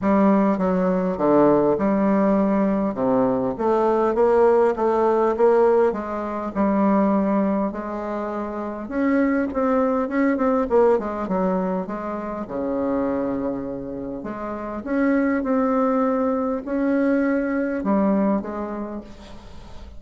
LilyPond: \new Staff \with { instrumentName = "bassoon" } { \time 4/4 \tempo 4 = 101 g4 fis4 d4 g4~ | g4 c4 a4 ais4 | a4 ais4 gis4 g4~ | g4 gis2 cis'4 |
c'4 cis'8 c'8 ais8 gis8 fis4 | gis4 cis2. | gis4 cis'4 c'2 | cis'2 g4 gis4 | }